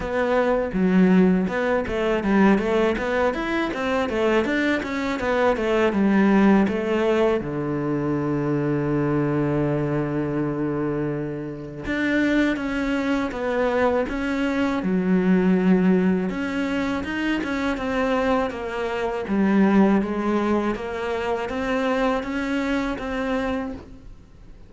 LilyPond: \new Staff \with { instrumentName = "cello" } { \time 4/4 \tempo 4 = 81 b4 fis4 b8 a8 g8 a8 | b8 e'8 c'8 a8 d'8 cis'8 b8 a8 | g4 a4 d2~ | d1 |
d'4 cis'4 b4 cis'4 | fis2 cis'4 dis'8 cis'8 | c'4 ais4 g4 gis4 | ais4 c'4 cis'4 c'4 | }